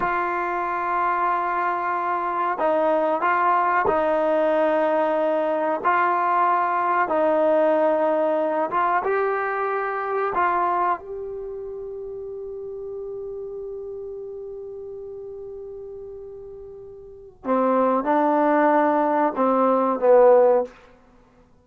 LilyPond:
\new Staff \with { instrumentName = "trombone" } { \time 4/4 \tempo 4 = 93 f'1 | dis'4 f'4 dis'2~ | dis'4 f'2 dis'4~ | dis'4. f'8 g'2 |
f'4 g'2.~ | g'1~ | g'2. c'4 | d'2 c'4 b4 | }